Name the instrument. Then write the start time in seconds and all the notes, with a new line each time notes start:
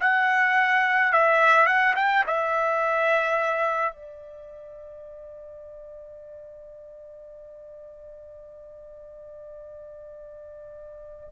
trumpet
0.00 F#5
1.13 E5
1.66 F#5
1.96 G5
2.27 E5
3.93 D5